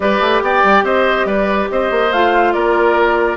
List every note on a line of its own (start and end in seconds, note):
0.00 0.20 G3
0.00 2.11 G4
0.00 0.43 B4
0.00 0.42 D5
0.20 0.41 A3
0.41 0.62 B3
0.41 0.84 D5
0.41 0.85 G5
0.63 0.83 G3
0.83 1.25 C4
0.83 1.26 C5
0.83 1.26 D#5
1.25 1.67 G3
1.25 1.69 B4
1.25 1.68 D5
1.71 1.91 C4
1.71 2.54 C5
1.71 2.12 D#5
1.91 2.11 A#3
2.11 2.54 A3
2.11 3.37 F4
2.11 2.52 F5
2.52 3.37 A#3
2.52 3.37 A#4
2.52 3.37 D5